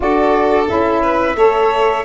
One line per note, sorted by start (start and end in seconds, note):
0.00 0.69 D4
0.00 0.65 F#4
0.00 1.02 A4
0.00 0.68 D5
0.68 1.35 C#4
0.68 1.36 E4
0.68 2.05 E5
1.02 1.36 B4
1.35 2.03 A3
1.35 2.04 A4
1.35 2.05 C#5